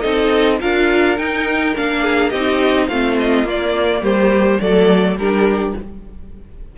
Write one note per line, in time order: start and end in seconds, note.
0.00 0.61 C4
0.00 0.59 D#4
0.00 0.58 A4
0.00 0.57 D#5
0.59 1.17 D4
0.59 1.16 F4
0.59 2.02 A#4
0.59 1.17 F5
1.17 1.74 D#4
1.17 1.75 D#4
1.17 1.74 G5
1.75 2.33 A#3
1.75 2.32 D4
1.75 2.29 F5
2.02 2.30 G#4
2.29 2.89 C4
2.29 2.90 D#4
2.29 2.87 G4
2.29 2.86 D#5
2.87 3.44 A3
2.87 3.45 C4
2.87 4.02 F4
2.87 3.16 F5
3.19 3.48 D#5
3.44 4.01 A#3
3.44 4.60 A#3
3.44 4.04 D5
4.01 4.59 G3
4.01 4.59 G4
4.01 4.60 C5
4.60 5.16 F#3
4.60 5.17 A3
4.60 5.19 A4
4.60 5.17 D5
5.16 5.73 G3
5.16 5.77 D4
5.16 5.76 G4
5.16 5.75 A#4